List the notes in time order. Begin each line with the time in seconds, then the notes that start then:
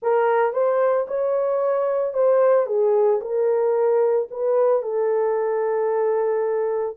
0.02 A#4
0.52 C5
1.07 C#5
2.13 C5
2.66 G#4
3.21 A#4
4.30 B4
4.82 A4